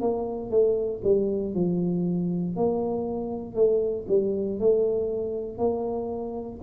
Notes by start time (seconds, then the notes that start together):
0.00 A#3
0.50 A3
1.03 G3
1.54 F3
2.56 A#3
3.55 A3
4.08 G3
4.59 A3
5.57 A#3